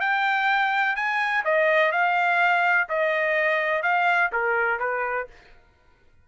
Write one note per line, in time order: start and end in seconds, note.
0.00 0.96 G5
0.96 1.44 G#5
1.45 1.92 D#5
1.92 2.88 F5
2.89 3.83 D#5
3.83 4.31 F5
4.32 4.79 A#4
4.79 5.27 B4